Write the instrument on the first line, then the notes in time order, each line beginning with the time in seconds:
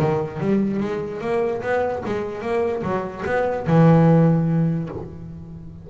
double bass
0.00 D#3
0.40 G3
0.80 G#3
1.21 A#3
1.62 B3
2.06 G#3
2.42 A#3
2.83 F#3
3.26 B3
3.67 E3